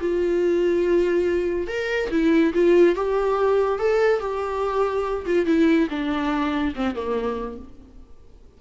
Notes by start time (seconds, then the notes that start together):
0.00 F4
1.67 A#4
2.10 E4
2.53 F4
2.95 G4
3.79 A4
4.19 G4
5.25 F4
5.46 E4
5.89 D4
6.75 C4
6.94 A#3